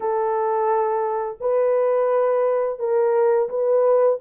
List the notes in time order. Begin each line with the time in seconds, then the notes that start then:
0.00 A4
1.40 B4
2.79 A#4
3.49 B4